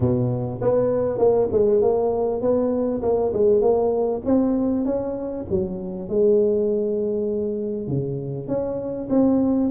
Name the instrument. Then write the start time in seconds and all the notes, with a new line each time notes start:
tuba
0.00 B2
0.61 B3
1.18 A#3
1.52 G#3
1.81 A#3
2.41 B3
3.02 A#3
3.33 G#3
3.61 A#3
4.25 C4
4.85 C#4
5.50 F#3
6.09 G#3
7.87 C#3
8.47 C#4
9.09 C4